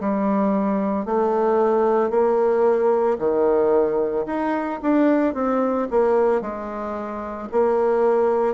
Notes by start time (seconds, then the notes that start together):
0.00 G3
1.06 A3
2.10 A#3
3.19 D#3
4.26 D#4
4.82 D4
5.34 C4
5.91 A#3
6.41 G#3
7.52 A#3